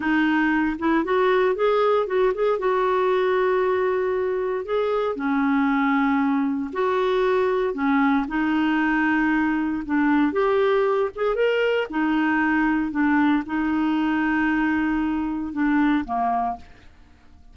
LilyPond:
\new Staff \with { instrumentName = "clarinet" } { \time 4/4 \tempo 4 = 116 dis'4. e'8 fis'4 gis'4 | fis'8 gis'8 fis'2.~ | fis'4 gis'4 cis'2~ | cis'4 fis'2 cis'4 |
dis'2. d'4 | g'4. gis'8 ais'4 dis'4~ | dis'4 d'4 dis'2~ | dis'2 d'4 ais4 | }